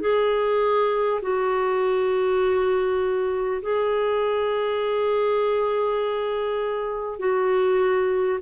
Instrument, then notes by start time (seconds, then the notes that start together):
clarinet
0.00 G#4
1.22 F#4
3.62 G#4
7.19 F#4